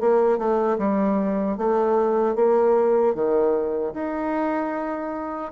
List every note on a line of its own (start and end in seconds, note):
0.00 0.38 A#3
0.38 0.77 A3
0.78 1.57 G3
1.57 2.35 A3
2.35 3.14 A#3
3.14 3.93 D#3
3.93 5.51 D#4